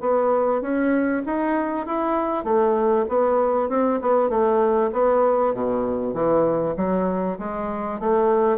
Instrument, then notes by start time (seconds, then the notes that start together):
bassoon
0.00 B3
0.61 C#4
1.26 D#4
1.86 E4
2.44 A3
3.09 B3
3.69 C4
4.01 B3
4.29 A3
4.92 B3
5.54 B2
6.14 E3
6.77 F#3
7.39 G#3
8.00 A3